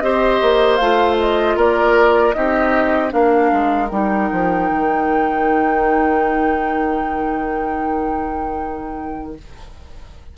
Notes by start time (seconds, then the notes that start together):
0.00 C4 G4 C5 D#5
0.41 A#3
0.76 A3 F4 F5
1.19 D#5
1.56 A#3 A#4 D5
2.32 C4 D#4 G4 D#5
3.09 A#3 D4 A#4 F5
3.52 G#3
3.87 G3 D#4 G5
4.32 F3
4.69 D#3